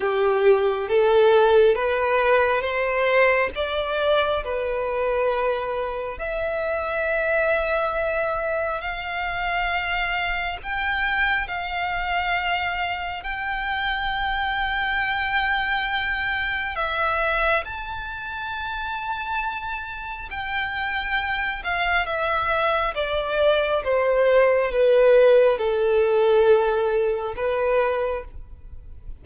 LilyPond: \new Staff \with { instrumentName = "violin" } { \time 4/4 \tempo 4 = 68 g'4 a'4 b'4 c''4 | d''4 b'2 e''4~ | e''2 f''2 | g''4 f''2 g''4~ |
g''2. e''4 | a''2. g''4~ | g''8 f''8 e''4 d''4 c''4 | b'4 a'2 b'4 | }